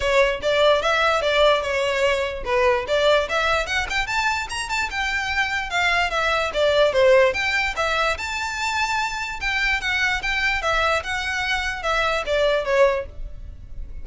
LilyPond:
\new Staff \with { instrumentName = "violin" } { \time 4/4 \tempo 4 = 147 cis''4 d''4 e''4 d''4 | cis''2 b'4 d''4 | e''4 fis''8 g''8 a''4 ais''8 a''8 | g''2 f''4 e''4 |
d''4 c''4 g''4 e''4 | a''2. g''4 | fis''4 g''4 e''4 fis''4~ | fis''4 e''4 d''4 cis''4 | }